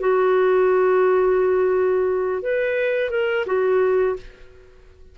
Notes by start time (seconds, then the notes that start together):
0.00 F#4
2.42 B4
3.10 A#4
3.46 F#4